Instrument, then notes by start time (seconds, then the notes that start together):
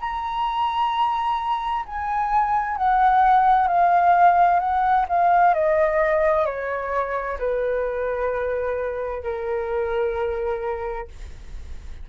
flute
0.00 A#5
1.85 G#5
2.77 F#5
3.68 F5
4.59 F#5
5.08 F5
5.54 D#5
6.45 C#5
7.38 B4
9.23 A#4